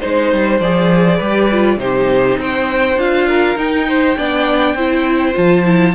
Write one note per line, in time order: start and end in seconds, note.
0.00 0.33 G#3
0.00 0.61 D#4
0.00 0.59 C5
0.00 1.17 C5
0.33 0.60 G3
0.60 1.20 F3
0.60 1.22 G#4
0.60 1.79 D5
1.17 1.77 G3
1.17 1.51 G4
1.17 1.76 B4
1.52 1.79 F4
1.77 2.37 C3
1.77 2.98 D#4
1.77 2.40 G4
1.77 2.39 C5
2.38 2.97 C4
2.38 3.28 C5
2.38 2.99 G5
2.97 3.56 D4
2.97 3.56 F4
2.97 3.59 F5
3.28 3.87 A#4
3.56 4.15 D#4
3.56 4.16 D#4
3.56 5.37 G5
3.88 4.18 C5
4.18 4.75 B3
4.18 4.77 D4
4.18 4.76 D5
4.75 5.35 C4
4.75 5.34 E4
4.75 5.95 C5
5.34 5.95 F3
5.34 5.63 F4
5.34 5.95 A5
5.65 5.95 E4